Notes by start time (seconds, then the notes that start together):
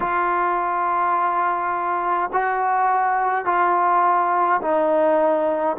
0.00 F4
2.32 F#4
3.45 F4
4.61 D#4